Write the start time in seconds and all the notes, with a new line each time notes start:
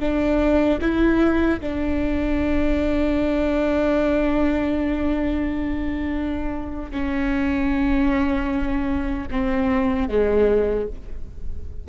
0.00 D4
0.81 E4
1.60 D4
6.92 C#4
9.31 C4
10.09 G#3